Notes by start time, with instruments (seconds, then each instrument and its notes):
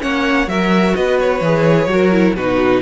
0.00 cello A#3, viola C#4, violin C#5 F#5
0.47 cello F#3, viola F#4, violin A#4 E5
0.96 cello B3, violin B4 D#5
1.20 violin C#5
1.41 cello E3, viola G#4
1.86 cello F#3, viola F#4, violin A#4
2.12 viola E4
2.34 cello B2, viola D#4, violin F#4 B4